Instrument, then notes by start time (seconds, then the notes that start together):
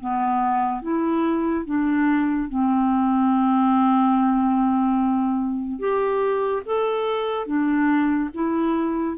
clarinet
0.00 B3
0.82 E4
1.65 D4
2.48 C4
5.79 G4
6.66 A4
7.46 D4
8.34 E4